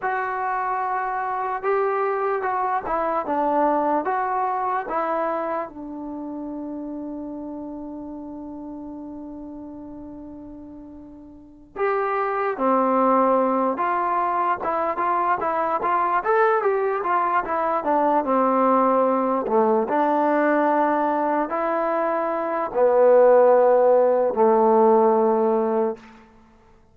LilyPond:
\new Staff \with { instrumentName = "trombone" } { \time 4/4 \tempo 4 = 74 fis'2 g'4 fis'8 e'8 | d'4 fis'4 e'4 d'4~ | d'1~ | d'2~ d'8 g'4 c'8~ |
c'4 f'4 e'8 f'8 e'8 f'8 | a'8 g'8 f'8 e'8 d'8 c'4. | a8 d'2 e'4. | b2 a2 | }